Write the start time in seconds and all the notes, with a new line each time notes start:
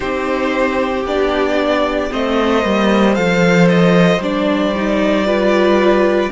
0.00 C4 D#4 G4 C5
1.04 B3 D4 D5
2.09 A3 C4 C5 D#5
2.62 G3 A#3
3.14 F3 A4 F5
3.69 D#5
4.18 G3 D4 D5
4.75 D#4
5.25 F4 B4